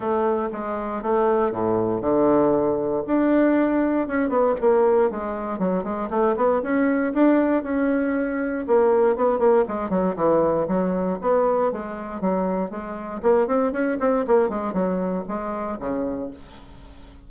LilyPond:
\new Staff \with { instrumentName = "bassoon" } { \time 4/4 \tempo 4 = 118 a4 gis4 a4 a,4 | d2 d'2 | cis'8 b8 ais4 gis4 fis8 gis8 | a8 b8 cis'4 d'4 cis'4~ |
cis'4 ais4 b8 ais8 gis8 fis8 | e4 fis4 b4 gis4 | fis4 gis4 ais8 c'8 cis'8 c'8 | ais8 gis8 fis4 gis4 cis4 | }